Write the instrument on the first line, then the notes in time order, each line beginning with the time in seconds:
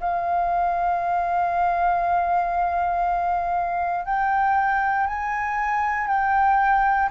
flute
0.00 F5
4.05 G5
5.07 G#5
6.07 G5